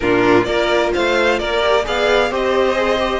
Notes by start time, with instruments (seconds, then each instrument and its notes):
0.00 cello A#2, viola D4, violin F4 A#4
0.43 cello A#3, viola F4, violin A#4 D5
0.93 cello A3, violin C5 F5
1.38 cello A#3, violin A#4 D5
1.60 viola G4
1.84 cello B3, viola G#4, violin D5 F5
2.30 cello C4, viola G4, violin C5 D#5
2.75 viola G#4
2.99 viola G4